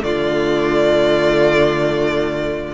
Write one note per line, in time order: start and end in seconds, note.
0.00 2.73 D3
0.00 2.71 A3
0.00 2.73 F4
0.00 2.73 D5